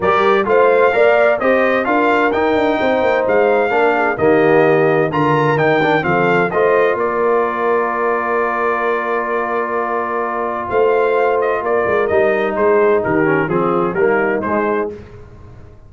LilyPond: <<
  \new Staff \with { instrumentName = "trumpet" } { \time 4/4 \tempo 4 = 129 d''4 f''2 dis''4 | f''4 g''2 f''4~ | f''4 dis''2 ais''4 | g''4 f''4 dis''4 d''4~ |
d''1~ | d''2. f''4~ | f''8 dis''8 d''4 dis''4 c''4 | ais'4 gis'4 ais'4 c''4 | }
  \new Staff \with { instrumentName = "horn" } { \time 4/4 ais'4 c''4 d''4 c''4 | ais'2 c''2 | ais'8 gis'8 g'2 ais'4~ | ais'4 a'4 c''4 ais'4~ |
ais'1~ | ais'2. c''4~ | c''4 ais'2 gis'4 | g'4 f'4 dis'2 | }
  \new Staff \with { instrumentName = "trombone" } { \time 4/4 g'4 f'4 ais'4 g'4 | f'4 dis'2. | d'4 ais2 f'4 | dis'8 d'8 c'4 f'2~ |
f'1~ | f'1~ | f'2 dis'2~ | dis'8 cis'8 c'4 ais4 gis4 | }
  \new Staff \with { instrumentName = "tuba" } { \time 4/4 g4 a4 ais4 c'4 | d'4 dis'8 d'8 c'8 ais8 gis4 | ais4 dis2 d4 | dis4 f4 a4 ais4~ |
ais1~ | ais2. a4~ | a4 ais8 gis8 g4 gis4 | dis4 f4 g4 gis4 | }
>>